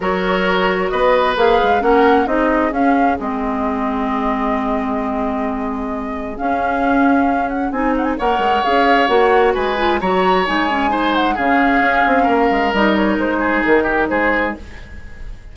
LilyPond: <<
  \new Staff \with { instrumentName = "flute" } { \time 4/4 \tempo 4 = 132 cis''2 dis''4 f''4 | fis''4 dis''4 f''4 dis''4~ | dis''1~ | dis''2 f''2~ |
f''8 fis''8 gis''8 fis''16 gis''16 fis''4 f''4 | fis''4 gis''4 ais''4 gis''4~ | gis''8 fis''8 f''2. | dis''8 cis''8 c''4 ais'4 c''4 | }
  \new Staff \with { instrumentName = "oboe" } { \time 4/4 ais'2 b'2 | ais'4 gis'2.~ | gis'1~ | gis'1~ |
gis'2 cis''2~ | cis''4 b'4 cis''2 | c''4 gis'2 ais'4~ | ais'4. gis'4 g'8 gis'4 | }
  \new Staff \with { instrumentName = "clarinet" } { \time 4/4 fis'2. gis'4 | cis'4 dis'4 cis'4 c'4~ | c'1~ | c'2 cis'2~ |
cis'4 dis'4 ais'4 gis'4 | fis'4. f'8 fis'4 dis'8 cis'8 | dis'4 cis'2. | dis'1 | }
  \new Staff \with { instrumentName = "bassoon" } { \time 4/4 fis2 b4 ais8 gis8 | ais4 c'4 cis'4 gis4~ | gis1~ | gis2 cis'2~ |
cis'4 c'4 ais8 gis8 cis'4 | ais4 gis4 fis4 gis4~ | gis4 cis4 cis'8 c'8 ais8 gis8 | g4 gis4 dis4 gis4 | }
>>